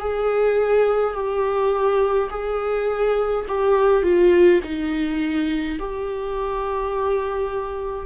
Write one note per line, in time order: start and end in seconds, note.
0.00 1.14 G#4
1.14 2.29 G4
2.30 3.46 G#4
3.48 4.03 G4
4.03 4.60 F4
4.64 5.79 D#4
5.79 8.06 G4